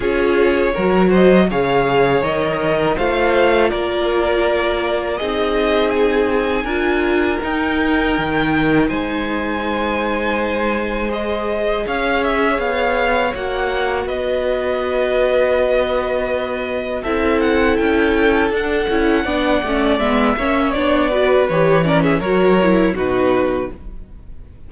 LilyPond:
<<
  \new Staff \with { instrumentName = "violin" } { \time 4/4 \tempo 4 = 81 cis''4. dis''8 f''4 dis''4 | f''4 d''2 dis''4 | gis''2 g''2 | gis''2. dis''4 |
f''8 e''8 f''4 fis''4 dis''4~ | dis''2. e''8 fis''8 | g''4 fis''2 e''4 | d''4 cis''8 d''16 e''16 cis''4 b'4 | }
  \new Staff \with { instrumentName = "violin" } { \time 4/4 gis'4 ais'8 c''8 cis''4.~ cis''16 ais'16 | c''4 ais'2 gis'4~ | gis'4 ais'2. | c''1 |
cis''2. b'4~ | b'2. a'4~ | a'2 d''4. cis''8~ | cis''8 b'4 ais'16 gis'16 ais'4 fis'4 | }
  \new Staff \with { instrumentName = "viola" } { \time 4/4 f'4 fis'4 gis'4 ais'4 | f'2. dis'4~ | dis'4 f'4 dis'2~ | dis'2. gis'4~ |
gis'2 fis'2~ | fis'2. e'4~ | e'4 d'8 e'8 d'8 cis'8 b8 cis'8 | d'8 fis'8 g'8 cis'8 fis'8 e'8 dis'4 | }
  \new Staff \with { instrumentName = "cello" } { \time 4/4 cis'4 fis4 cis4 dis4 | a4 ais2 c'4~ | c'4 d'4 dis'4 dis4 | gis1 |
cis'4 b4 ais4 b4~ | b2. c'4 | cis'4 d'8 cis'8 b8 a8 gis8 ais8 | b4 e4 fis4 b,4 | }
>>